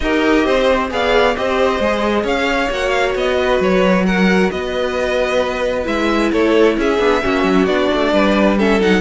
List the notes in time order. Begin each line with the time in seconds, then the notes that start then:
0.00 D#4 G4 A#4 D#5
0.45 C4 C5
0.90 B3 G#4 D5 F5
1.36 C4 G4 C5 D#5
1.79 G#3 G#4
2.24 C#4 C#5 F5
2.69 A#3 F#4 F#5
2.89 F5
3.14 B3 D#5
3.37 B4
3.59 F#3 C#5
4.06 A#4 F#5
4.50 B3 B4 D#5
5.84 G#3 E4 E5
6.31 A3 A4 C#5
6.77 C#4 G#4 E5
6.98 B3 D4
7.22 A#3 C#4 F#4
7.43 F#3
7.66 B3 D4 D5
7.93 A3
8.12 G3 B4
8.58 C#4 A4 E5
8.79 F#3 D#4 F#5